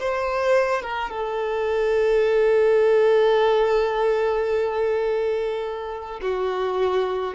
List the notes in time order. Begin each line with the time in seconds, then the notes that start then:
0.00 C5
0.82 A#4
1.11 A4
6.22 F#4